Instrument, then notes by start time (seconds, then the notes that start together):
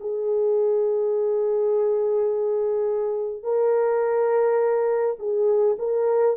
horn
0.00 G#4
3.42 A#4
5.19 G#4
5.78 A#4